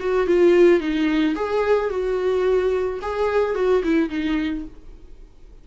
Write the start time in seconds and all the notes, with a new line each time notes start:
0.00 F#4
0.27 F4
0.80 D#4
1.36 G#4
1.90 F#4
3.02 G#4
3.55 F#4
3.84 E4
4.10 D#4